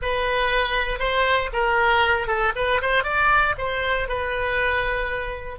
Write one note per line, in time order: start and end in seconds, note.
0.01 0.99 B4
0.99 1.50 C5
1.52 2.27 A#4
2.27 2.52 A4
2.55 2.81 B4
2.81 3.03 C5
3.03 3.54 D5
3.57 4.08 C5
4.08 5.58 B4